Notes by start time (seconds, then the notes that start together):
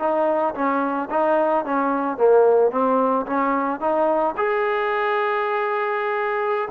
0.00 D#4
0.55 C#4
1.11 D#4
1.66 C#4
2.18 A#3
2.71 C4
3.27 C#4
3.81 D#4
4.37 G#4